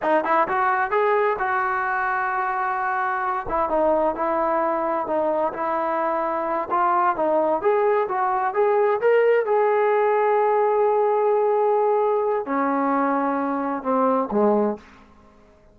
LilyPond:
\new Staff \with { instrumentName = "trombone" } { \time 4/4 \tempo 4 = 130 dis'8 e'8 fis'4 gis'4 fis'4~ | fis'2.~ fis'8 e'8 | dis'4 e'2 dis'4 | e'2~ e'8 f'4 dis'8~ |
dis'8 gis'4 fis'4 gis'4 ais'8~ | ais'8 gis'2.~ gis'8~ | gis'2. cis'4~ | cis'2 c'4 gis4 | }